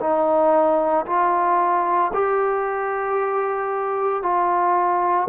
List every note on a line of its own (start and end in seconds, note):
0.00 1.05 D#4
1.06 2.11 F4
2.13 4.22 G4
4.22 5.28 F4